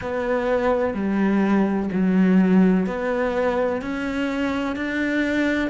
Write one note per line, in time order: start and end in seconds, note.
0.01 0.94 B3
0.94 1.89 G3
1.92 2.86 F#3
2.86 3.81 B3
3.81 4.76 C#4
4.76 5.70 D4